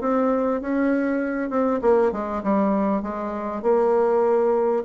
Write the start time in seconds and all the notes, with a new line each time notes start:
0.00 C4
0.61 C#4
1.50 C4
1.81 A#3
2.12 G#3
2.43 G3
3.02 G#3
3.62 A#3